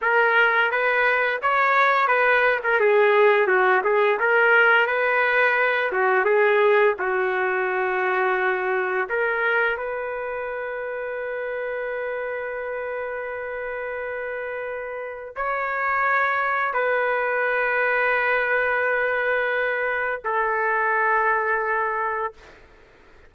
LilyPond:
\new Staff \with { instrumentName = "trumpet" } { \time 4/4 \tempo 4 = 86 ais'4 b'4 cis''4 b'8. ais'16 | gis'4 fis'8 gis'8 ais'4 b'4~ | b'8 fis'8 gis'4 fis'2~ | fis'4 ais'4 b'2~ |
b'1~ | b'2 cis''2 | b'1~ | b'4 a'2. | }